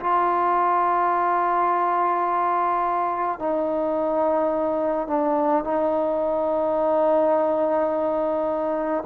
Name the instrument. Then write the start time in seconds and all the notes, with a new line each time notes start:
trombone
0.00 F4
3.40 D#4
5.08 D4
5.64 D#4